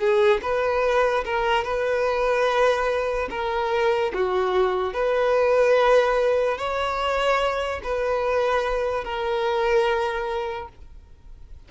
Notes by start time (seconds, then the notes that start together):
0.00 G#4
0.43 B4
1.26 A#4
1.65 B4
3.31 A#4
4.14 F#4
4.94 B4
6.58 C#5
7.84 B4
9.05 A#4